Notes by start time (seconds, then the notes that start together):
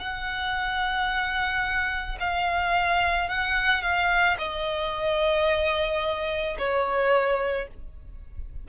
0.00 F#5
2.20 F5
3.29 F#5
3.82 F5
4.39 D#5
6.59 C#5